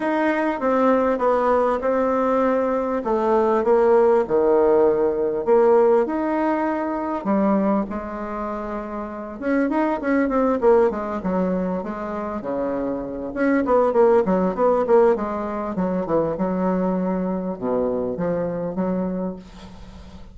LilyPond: \new Staff \with { instrumentName = "bassoon" } { \time 4/4 \tempo 4 = 99 dis'4 c'4 b4 c'4~ | c'4 a4 ais4 dis4~ | dis4 ais4 dis'2 | g4 gis2~ gis8 cis'8 |
dis'8 cis'8 c'8 ais8 gis8 fis4 gis8~ | gis8 cis4. cis'8 b8 ais8 fis8 | b8 ais8 gis4 fis8 e8 fis4~ | fis4 b,4 f4 fis4 | }